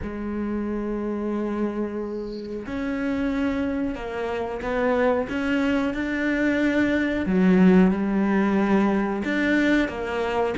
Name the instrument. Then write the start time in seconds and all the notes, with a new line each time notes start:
cello
0.02 G#3
2.66 C#4
3.95 A#3
4.62 B3
5.29 C#4
5.94 D4
7.26 F#3
7.91 G3
9.24 D4
9.88 A#3